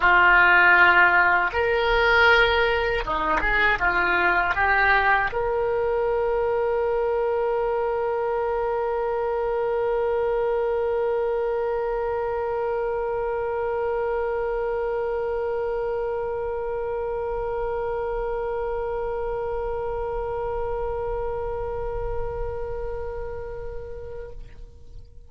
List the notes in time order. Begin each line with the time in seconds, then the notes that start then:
0.00 F4
1.52 A#4
3.04 D#4
3.40 G#4
3.79 F4
4.55 G4
5.32 A#4